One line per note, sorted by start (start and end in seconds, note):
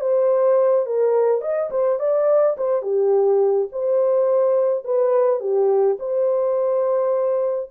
0.00 0.86 C5
0.86 1.41 A#4
1.41 1.70 D#5
1.70 1.99 C5
1.99 2.56 D5
2.57 2.82 C5
2.82 3.68 G4
3.71 4.84 C5
4.84 5.40 B4
5.40 5.97 G4
5.99 7.70 C5